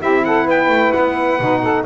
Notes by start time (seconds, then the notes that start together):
0.00 C4 E4 G4 E5
0.25 A4 F#5
0.45 B3 B4 G5
0.68 A3
0.92 B3 F#5
1.39 B2 D#4
1.62 A4